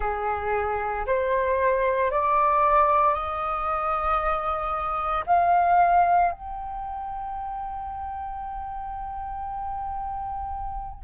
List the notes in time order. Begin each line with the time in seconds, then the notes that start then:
0.00 G#4
1.06 C5
2.11 D5
3.13 D#5
5.26 F5
6.31 G5